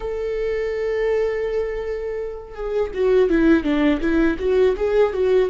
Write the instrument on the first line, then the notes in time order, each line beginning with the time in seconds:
viola
0.00 A4
2.54 G#4
2.93 F#4
3.29 E4
3.63 D4
4.00 E4
4.39 F#4
4.76 G#4
5.13 F#4